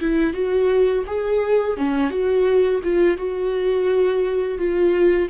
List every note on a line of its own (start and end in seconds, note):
0.00 0.33 E4
0.33 1.04 F#4
1.07 1.77 G#4
1.77 2.10 C#4
2.10 2.81 F#4
2.84 3.17 F4
3.17 4.59 F#4
4.59 5.29 F4